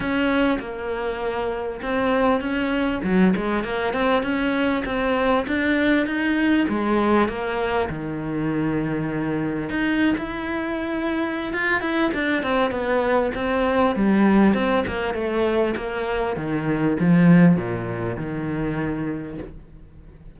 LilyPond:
\new Staff \with { instrumentName = "cello" } { \time 4/4 \tempo 4 = 99 cis'4 ais2 c'4 | cis'4 fis8 gis8 ais8 c'8 cis'4 | c'4 d'4 dis'4 gis4 | ais4 dis2. |
dis'8. e'2~ e'16 f'8 e'8 | d'8 c'8 b4 c'4 g4 | c'8 ais8 a4 ais4 dis4 | f4 ais,4 dis2 | }